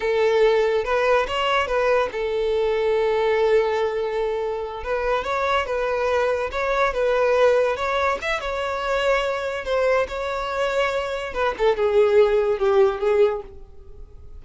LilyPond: \new Staff \with { instrumentName = "violin" } { \time 4/4 \tempo 4 = 143 a'2 b'4 cis''4 | b'4 a'2.~ | a'2.~ a'8 b'8~ | b'8 cis''4 b'2 cis''8~ |
cis''8 b'2 cis''4 e''8 | cis''2. c''4 | cis''2. b'8 a'8 | gis'2 g'4 gis'4 | }